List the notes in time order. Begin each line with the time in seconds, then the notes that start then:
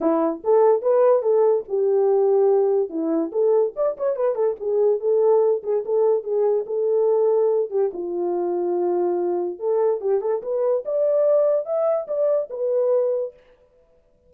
0.00 E4
0.44 A4
0.81 B4
1.22 A4
1.68 G4
2.89 E4
3.31 A4
3.76 D5
3.97 C#5
4.16 B4
4.35 A4
4.60 G#4
4.99 A4
5.63 G#4
5.85 A4
6.23 G#4
6.66 A4
7.70 G4
7.93 F4
9.59 A4
10.00 G4
10.21 A4
10.42 B4
10.85 D5
11.65 E5
12.07 D5
12.50 B4